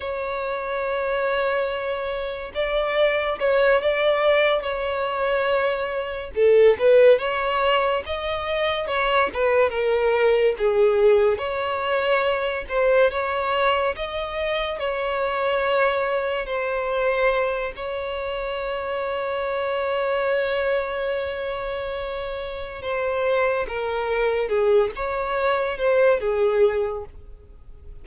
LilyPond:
\new Staff \with { instrumentName = "violin" } { \time 4/4 \tempo 4 = 71 cis''2. d''4 | cis''8 d''4 cis''2 a'8 | b'8 cis''4 dis''4 cis''8 b'8 ais'8~ | ais'8 gis'4 cis''4. c''8 cis''8~ |
cis''8 dis''4 cis''2 c''8~ | c''4 cis''2.~ | cis''2. c''4 | ais'4 gis'8 cis''4 c''8 gis'4 | }